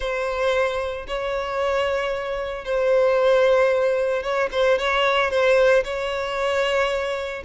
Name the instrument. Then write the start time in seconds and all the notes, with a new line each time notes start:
violin
0.00 C5
1.07 C#5
2.64 C5
4.22 C#5
4.51 C5
4.78 C#5
5.30 C5
5.84 C#5